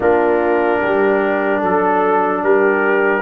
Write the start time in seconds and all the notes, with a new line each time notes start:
0.00 A#3 D4 F4 A#4
0.80 G3 G4
1.60 F#3 A4
2.43 G3 G4 A#4